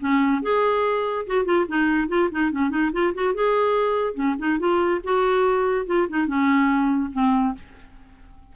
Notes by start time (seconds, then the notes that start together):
0.00 C#4
0.42 G#4
1.27 F#4
1.45 F4
1.68 D#4
2.08 F4
2.31 D#4
2.51 C#4
2.70 D#4
2.92 F4
3.14 F#4
3.34 G#4
4.14 C#4
4.39 D#4
4.59 F4
5.04 F#4
5.86 F4
6.09 D#4
6.27 C#4
7.12 C4